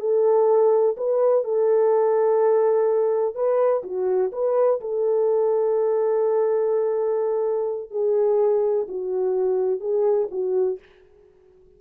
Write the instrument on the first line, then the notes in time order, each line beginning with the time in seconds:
horn
0.00 A4
0.97 B4
1.45 A4
3.35 B4
3.84 F#4
4.32 B4
4.81 A4
7.91 G#4
8.88 F#4
9.80 G#4
10.31 F#4